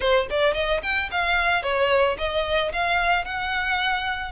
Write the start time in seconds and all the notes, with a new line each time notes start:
0.00 C5
0.30 D5
0.54 D#5
0.83 G5
1.11 F5
1.62 C#5
2.17 D#5
2.72 F5
3.24 F#5